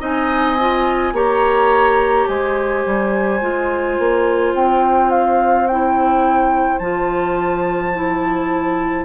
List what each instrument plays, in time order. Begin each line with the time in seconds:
0.00 bassoon C4, clarinet D#4, oboe D#5, flute G#5
0.60 clarinet F4
1.13 bassoon A#3, clarinet G4, oboe C#5, flute A#5
2.28 bassoon G#3, oboe C5, flute G#5
2.86 bassoon G3
3.41 bassoon G#3, clarinet F4
3.99 bassoon A#3
4.54 bassoon C4, flute G5
5.11 flute F5
5.67 clarinet E4, flute G5
6.79 bassoon F3, clarinet F4, flute A5
7.95 clarinet E4